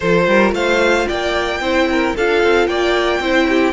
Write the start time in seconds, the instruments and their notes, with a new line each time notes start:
0.00 cello F3, viola F4, violin A4 C5
0.26 cello G3, violin A#4
0.51 cello A3, violin C5 F5
1.07 cello A#3, violin D5 G5
1.60 cello C4, viola E4, violin C5
1.90 violin A#4
2.16 cello D4, viola F4, violin A4 F5
2.43 cello C4
2.67 cello A#3, violin D5 G5
3.19 cello C4, viola E4, violin C5
3.48 violin G4